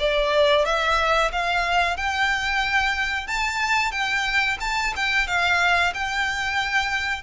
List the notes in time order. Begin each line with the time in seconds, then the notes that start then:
0.00 D5
0.66 E5
1.32 F5
1.98 G5
3.28 A5
3.92 G5
4.61 A5
4.97 G5
5.27 F5
5.94 G5